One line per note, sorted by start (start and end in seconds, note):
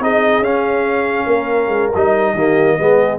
0.00 0.40 C4
0.00 0.44 D#4
0.00 1.27 G#4
0.00 0.44 D#5
0.40 1.25 C#4
0.40 1.93 C#4
0.40 1.93 F5
1.27 1.68 A#3
1.27 2.33 A#4
1.68 1.89 G#3
1.95 2.34 G3
1.95 2.37 D#4
1.95 3.19 D#5
2.34 2.77 D#3
2.34 2.79 A#3
2.34 2.77 G4
2.79 3.19 G#3
2.79 3.19 B3
2.79 3.19 G#4